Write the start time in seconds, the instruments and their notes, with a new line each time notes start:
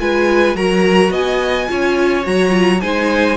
0.00 cello G#3, viola F4, violin B4 G#5
0.55 cello F#3, viola F#4, violin A#4 A#5
1.11 cello B3, violin D#5 G#5
1.68 cello C#4, viola F4, violin C#5
2.23 cello F#3, viola F#4, violin A#5
2.50 viola F4
2.81 cello G#3, viola D#4, violin C5 G#5